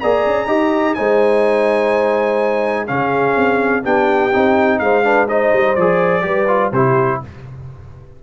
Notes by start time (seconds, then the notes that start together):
0.00 A#3 G#4 D5 A#5
0.26 C#4
0.47 D#4 G4 D#5
0.95 G#3 D#4 C5 G#5
2.88 C#3 C#4 G#4 F5
3.37 C4
3.83 B3 D4 G4 G5
4.32 C4 D#4
4.79 G#3 C5 F5
5.04 D4 B4
5.29 D#4 C5 D#5
5.54 G3
5.76 F3 G#4 D5
6.22 G3 G4 B4
6.48 F4
6.73 C3 E4 G4 C5